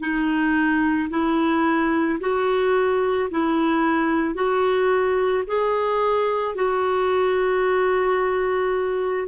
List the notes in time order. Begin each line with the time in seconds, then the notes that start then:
0.00 D#4
1.10 E4
2.20 F#4
3.31 E4
4.34 F#4
5.47 G#4
6.55 F#4